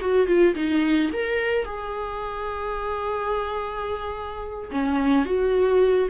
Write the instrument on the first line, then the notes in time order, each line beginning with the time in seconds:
viola
0.00 F#4
0.27 F4
0.55 D#4
1.13 A#4
1.65 G#4
4.71 C#4
5.25 F#4